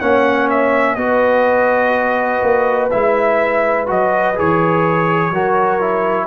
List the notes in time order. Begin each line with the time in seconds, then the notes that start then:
0.00 A#3 C#4 C#5 F#5
0.50 E5
0.95 B3 F#4 B4 D#5
2.42 A#3
2.91 G#3 E4 E5
3.86 F#3 F#4 D#5
4.35 E3 G#4 C#5
5.31 F#3 F#4 A#4
5.80 E4